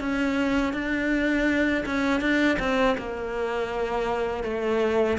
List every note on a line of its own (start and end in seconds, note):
0.00 0.73 C#4
0.73 1.85 D4
1.86 2.21 C#4
2.21 2.58 D4
2.59 2.96 C4
2.98 4.43 A#3
4.43 5.18 A3